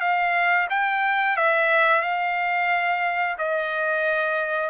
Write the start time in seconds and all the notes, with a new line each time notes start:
0.00 F5
0.70 G5
1.36 E5
2.01 F5
3.38 D#5